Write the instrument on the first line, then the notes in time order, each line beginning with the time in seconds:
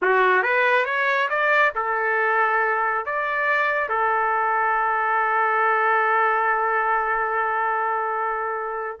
trumpet
0.02 F#4
0.42 B4
0.85 C#5
1.29 D5
1.75 A4
3.05 D5
3.89 A4